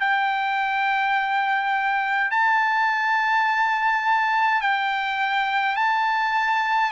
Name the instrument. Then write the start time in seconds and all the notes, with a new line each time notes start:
trumpet
0.00 G5
2.31 A5
4.61 G5
5.76 A5